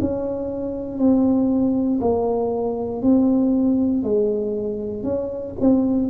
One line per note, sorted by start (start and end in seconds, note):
0.00 0.98 C#4
0.98 1.99 C4
2.01 3.02 A#3
3.02 4.03 C4
4.03 5.03 G#3
5.03 5.54 C#4
5.60 6.09 C4